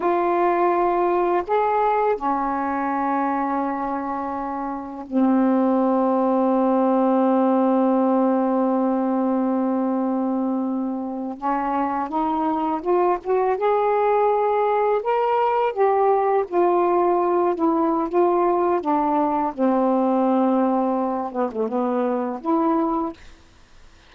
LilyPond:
\new Staff \with { instrumentName = "saxophone" } { \time 4/4 \tempo 4 = 83 f'2 gis'4 cis'4~ | cis'2. c'4~ | c'1~ | c'2.~ c'8. cis'16~ |
cis'8. dis'4 f'8 fis'8 gis'4~ gis'16~ | gis'8. ais'4 g'4 f'4~ f'16~ | f'16 e'8. f'4 d'4 c'4~ | c'4. b16 a16 b4 e'4 | }